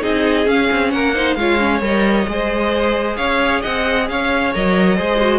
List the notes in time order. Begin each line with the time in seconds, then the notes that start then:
0.00 C4 D#4 G#4 D#5
0.46 C#4 F5
0.71 C4
0.91 A#3 A#4 F#5
1.14 D#4 C5
1.34 G#3 F4 C#5 F5
1.59 C#4
1.81 G3 A#4 D#5
2.27 G#3 G#4 C5
3.16 C#4 C#5 F5
3.61 C4 D#5 F#5
4.09 C#4 C#5 F5
4.53 F#3 A#4 D#5
4.97 G#3 G#4 C5
5.20 F#4